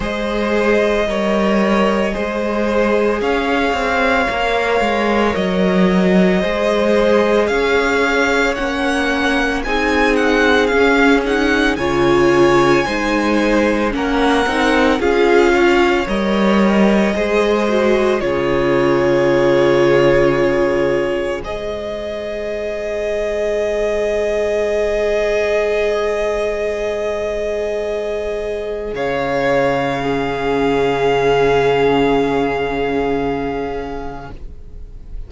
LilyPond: <<
  \new Staff \with { instrumentName = "violin" } { \time 4/4 \tempo 4 = 56 dis''2. f''4~ | f''4 dis''2 f''4 | fis''4 gis''8 fis''8 f''8 fis''8 gis''4~ | gis''4 fis''4 f''4 dis''4~ |
dis''4 cis''2. | dis''1~ | dis''2. f''4~ | f''1 | }
  \new Staff \with { instrumentName = "violin" } { \time 4/4 c''4 cis''4 c''4 cis''4~ | cis''2 c''4 cis''4~ | cis''4 gis'2 cis''4 | c''4 ais'4 gis'8 cis''4. |
c''4 gis'2. | c''1~ | c''2. cis''4 | gis'1 | }
  \new Staff \with { instrumentName = "viola" } { \time 4/4 gis'4 ais'4 gis'2 | ais'2 gis'2 | cis'4 dis'4 cis'8 dis'8 f'4 | dis'4 cis'8 dis'8 f'4 ais'4 |
gis'8 fis'8 f'2. | gis'1~ | gis'1 | cis'1 | }
  \new Staff \with { instrumentName = "cello" } { \time 4/4 gis4 g4 gis4 cis'8 c'8 | ais8 gis8 fis4 gis4 cis'4 | ais4 c'4 cis'4 cis4 | gis4 ais8 c'8 cis'4 g4 |
gis4 cis2. | gis1~ | gis2. cis4~ | cis1 | }
>>